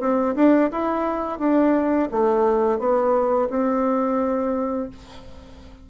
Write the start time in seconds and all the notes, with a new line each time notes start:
0.00 C4
0.36 D4
0.71 E4
1.39 D4
2.11 A3
2.79 B3
3.50 C4